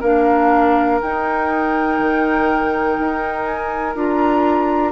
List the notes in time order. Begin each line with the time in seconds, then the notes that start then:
0.00 A#3 D4 A#4 F5
1.02 D#4 G5
1.99 D#3
2.99 D#4
3.45 G#5
3.95 D4 F4 A#5